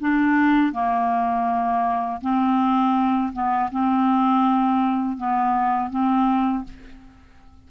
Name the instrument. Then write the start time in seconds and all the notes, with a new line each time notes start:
clarinet
0.00 D4
0.72 A#3
2.21 C4
3.33 B3
3.71 C4
5.17 B3
5.90 C4